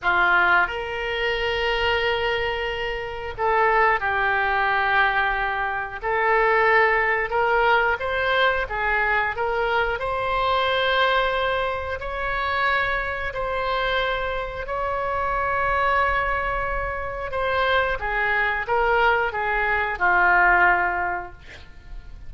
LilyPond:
\new Staff \with { instrumentName = "oboe" } { \time 4/4 \tempo 4 = 90 f'4 ais'2.~ | ais'4 a'4 g'2~ | g'4 a'2 ais'4 | c''4 gis'4 ais'4 c''4~ |
c''2 cis''2 | c''2 cis''2~ | cis''2 c''4 gis'4 | ais'4 gis'4 f'2 | }